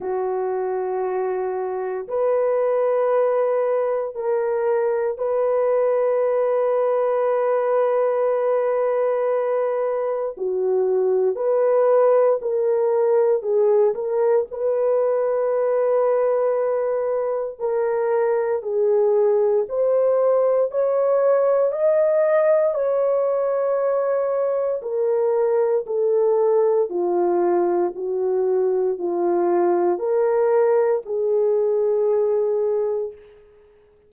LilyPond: \new Staff \with { instrumentName = "horn" } { \time 4/4 \tempo 4 = 58 fis'2 b'2 | ais'4 b'2.~ | b'2 fis'4 b'4 | ais'4 gis'8 ais'8 b'2~ |
b'4 ais'4 gis'4 c''4 | cis''4 dis''4 cis''2 | ais'4 a'4 f'4 fis'4 | f'4 ais'4 gis'2 | }